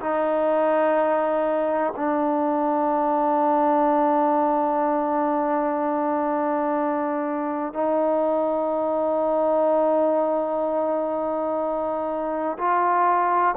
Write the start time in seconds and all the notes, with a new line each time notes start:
0.00 D#4
1.96 D4
7.73 D#4
12.58 F4